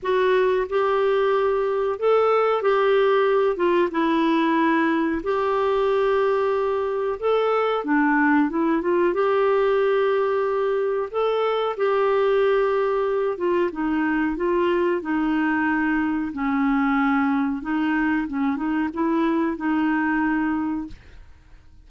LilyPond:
\new Staff \with { instrumentName = "clarinet" } { \time 4/4 \tempo 4 = 92 fis'4 g'2 a'4 | g'4. f'8 e'2 | g'2. a'4 | d'4 e'8 f'8 g'2~ |
g'4 a'4 g'2~ | g'8 f'8 dis'4 f'4 dis'4~ | dis'4 cis'2 dis'4 | cis'8 dis'8 e'4 dis'2 | }